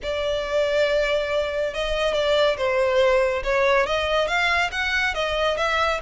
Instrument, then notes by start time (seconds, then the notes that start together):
violin
0.02 D5
1.74 D#5
2.13 D5
2.57 C5
3.43 C#5
3.86 D#5
4.27 F5
4.71 F#5
5.14 D#5
5.57 E5